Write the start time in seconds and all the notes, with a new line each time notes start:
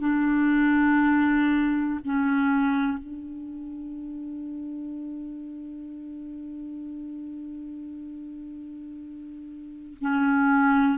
0.00 D4
2.05 C#4
2.98 D4
10.00 C#4